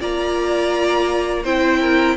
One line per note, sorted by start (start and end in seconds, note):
0.00 1.45 A#3
0.00 1.45 F4
0.00 1.44 D5
0.00 1.45 A#5
1.44 2.17 C4
1.44 2.17 E4
1.44 1.80 C5
1.44 2.17 G5
1.81 2.17 A#4